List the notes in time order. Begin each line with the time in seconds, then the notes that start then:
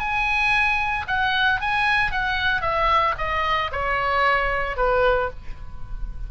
0.00 G#5
1.08 F#5
1.61 G#5
2.12 F#5
2.62 E5
3.18 D#5
3.72 C#5
4.77 B4